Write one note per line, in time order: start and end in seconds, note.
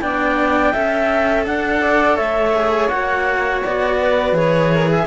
0.00 0.73 B3
0.00 0.73 D4
0.00 0.73 D5
0.00 1.45 G5
0.73 1.46 C#4
0.73 2.54 A4
0.73 1.45 E5
1.45 1.81 D4
1.45 2.18 D4
1.45 2.16 F#5
1.81 2.16 D5
2.16 2.89 A3
2.16 3.96 C#5
2.16 2.88 E5
2.54 2.90 G#4
2.88 3.61 A#3
2.88 4.34 F#4
2.88 3.60 F#5
3.64 4.32 B3
3.64 4.36 D5
4.01 4.73 B4
4.32 5.04 E3
4.32 5.06 G#4
4.32 4.90 C#5
4.74 4.88 A#4
4.88 5.06 G#4
4.88 5.06 E5